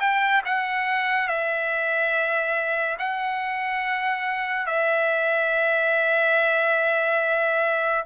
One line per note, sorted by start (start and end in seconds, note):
0.00 0.42 G5
0.46 1.28 F#5
1.28 2.97 E5
2.99 4.67 F#5
4.67 8.05 E5